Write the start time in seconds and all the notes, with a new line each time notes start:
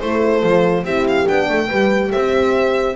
0.00 A3 E4 A4 C5
0.43 F3 F4
0.84 C4 E4 G4 E5
1.08 F5
1.27 B3 D4 G5
1.49 A3 A4
1.68 G3 G4 B4
2.12 C4 C5 E5